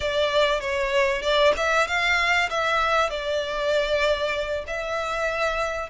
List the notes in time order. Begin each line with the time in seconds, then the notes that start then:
0.00 D5
0.60 C#5
1.22 D5
1.56 E5
1.87 F5
2.49 E5
3.10 D5
4.67 E5